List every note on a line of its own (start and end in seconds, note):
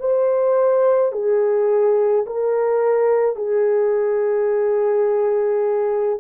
0.00 1.12 C5
1.12 2.25 G#4
2.26 3.36 A#4
3.36 6.19 G#4